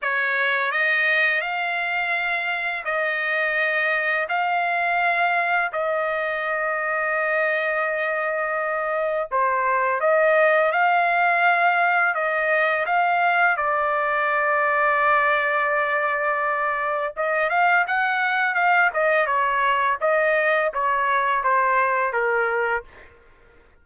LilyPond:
\new Staff \with { instrumentName = "trumpet" } { \time 4/4 \tempo 4 = 84 cis''4 dis''4 f''2 | dis''2 f''2 | dis''1~ | dis''4 c''4 dis''4 f''4~ |
f''4 dis''4 f''4 d''4~ | d''1 | dis''8 f''8 fis''4 f''8 dis''8 cis''4 | dis''4 cis''4 c''4 ais'4 | }